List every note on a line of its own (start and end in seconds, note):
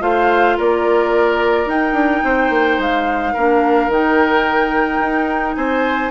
0.00 0.57 A3
0.00 1.67 F4
0.00 0.57 C5
0.00 0.58 F5
0.57 1.66 A#3
0.57 2.24 A#4
0.57 1.70 D5
1.66 1.93 D#4
1.66 3.36 D#4
1.66 2.81 G5
1.93 2.20 D4
2.24 2.50 C4
2.24 3.34 C5
2.50 2.78 A#3
2.78 3.34 G#3
2.78 3.92 F5
3.34 3.88 A#3
3.34 3.91 D4
3.34 5.56 A#4
3.88 4.99 D#3
3.88 6.11 D#4
3.88 5.55 G5
5.00 5.56 D#4
5.55 6.11 C4
5.55 6.11 C5
5.55 6.11 G#5